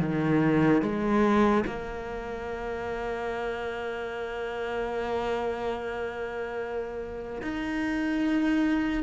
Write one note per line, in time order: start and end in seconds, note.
0.00 0.82 D#3
0.82 1.64 G#3
1.66 7.42 A#3
7.42 9.03 D#4